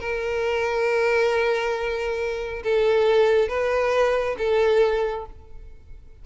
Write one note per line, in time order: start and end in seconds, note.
0.00 2.63 A#4
2.63 3.48 A4
3.48 4.36 B4
4.38 5.26 A4